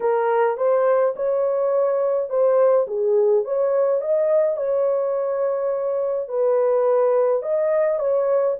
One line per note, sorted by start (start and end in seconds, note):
0.00 0.57 A#4
0.57 1.14 C5
1.16 2.29 C#5
2.29 2.86 C5
2.87 3.44 G#4
3.44 4.01 C#5
4.01 4.57 D#5
4.57 6.28 C#5
6.28 7.42 B4
7.42 7.99 D#5
7.99 8.56 C#5